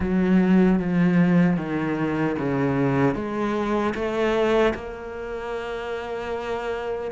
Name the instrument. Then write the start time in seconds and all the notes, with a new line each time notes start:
cello
0.00 F#3
0.79 F3
1.56 D#3
2.38 C#3
3.14 G#3
3.94 A3
4.74 A#3